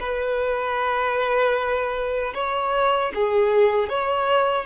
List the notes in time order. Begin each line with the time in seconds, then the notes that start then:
0.00 B4
2.34 C#5
3.15 G#4
3.89 C#5